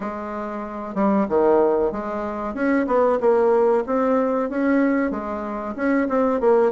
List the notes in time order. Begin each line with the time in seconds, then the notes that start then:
0.00 G#3
0.95 G3
1.29 D#3
1.91 G#3
2.54 C#4
2.87 B3
3.20 A#3
3.86 C4
4.49 C#4
5.11 G#3
5.75 C#4
6.08 C4
6.40 A#3